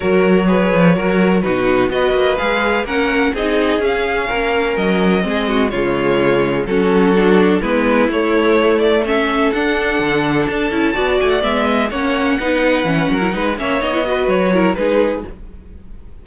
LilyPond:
<<
  \new Staff \with { instrumentName = "violin" } { \time 4/4 \tempo 4 = 126 cis''2. b'4 | dis''4 f''4 fis''4 dis''4 | f''2 dis''2 | cis''2 a'2 |
b'4 cis''4. d''8 e''4 | fis''2 a''4. gis''16 fis''16 | e''4 fis''2.~ | fis''8 e''8 dis''4 cis''4 b'4 | }
  \new Staff \with { instrumentName = "violin" } { \time 4/4 ais'4 b'4 ais'4 fis'4 | b'2 ais'4 gis'4~ | gis'4 ais'2 gis'8 fis'8 | f'2 fis'2 |
e'2. a'4~ | a'2. d''4~ | d''8 dis''8 cis''4 b'4. ais'8 | b'8 cis''4 b'4 ais'8 gis'4 | }
  \new Staff \with { instrumentName = "viola" } { \time 4/4 fis'4 gis'4 fis'4 dis'4 | fis'4 gis'4 cis'4 dis'4 | cis'2. c'4 | gis2 cis'4 d'4 |
b4 a2 cis'4 | d'2~ d'8 e'8 fis'4 | b4 cis'4 dis'4 cis'8. e'16 | dis'8 cis'8 dis'16 e'16 fis'4 e'8 dis'4 | }
  \new Staff \with { instrumentName = "cello" } { \time 4/4 fis4. f8 fis4 b,4 | b8 ais8 gis4 ais4 c'4 | cis'4 ais4 fis4 gis4 | cis2 fis2 |
gis4 a2. | d'4 d4 d'8 cis'8 b8 a8 | gis4 ais4 b4 e8 fis8 | gis8 ais8 b4 fis4 gis4 | }
>>